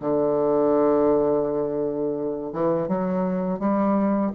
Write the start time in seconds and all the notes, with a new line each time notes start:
0.00 D3
2.52 E3
2.88 F#3
3.59 G3